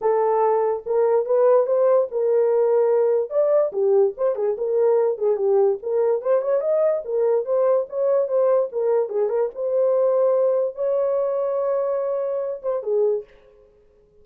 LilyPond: \new Staff \with { instrumentName = "horn" } { \time 4/4 \tempo 4 = 145 a'2 ais'4 b'4 | c''4 ais'2. | d''4 g'4 c''8 gis'8 ais'4~ | ais'8 gis'8 g'4 ais'4 c''8 cis''8 |
dis''4 ais'4 c''4 cis''4 | c''4 ais'4 gis'8 ais'8 c''4~ | c''2 cis''2~ | cis''2~ cis''8 c''8 gis'4 | }